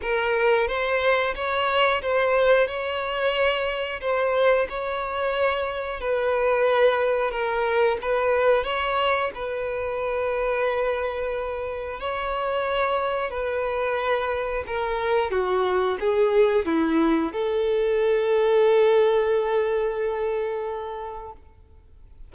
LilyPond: \new Staff \with { instrumentName = "violin" } { \time 4/4 \tempo 4 = 90 ais'4 c''4 cis''4 c''4 | cis''2 c''4 cis''4~ | cis''4 b'2 ais'4 | b'4 cis''4 b'2~ |
b'2 cis''2 | b'2 ais'4 fis'4 | gis'4 e'4 a'2~ | a'1 | }